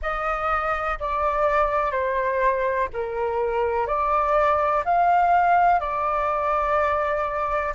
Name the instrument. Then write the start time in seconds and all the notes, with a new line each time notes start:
flute
0.02 D#5
0.99 D5
1.91 C5
2.93 A#4
3.86 D5
4.84 F5
5.80 D5